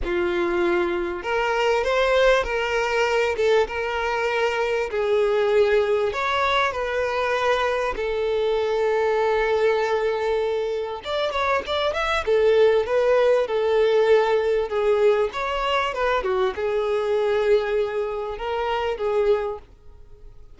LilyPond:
\new Staff \with { instrumentName = "violin" } { \time 4/4 \tempo 4 = 98 f'2 ais'4 c''4 | ais'4. a'8 ais'2 | gis'2 cis''4 b'4~ | b'4 a'2.~ |
a'2 d''8 cis''8 d''8 e''8 | a'4 b'4 a'2 | gis'4 cis''4 b'8 fis'8 gis'4~ | gis'2 ais'4 gis'4 | }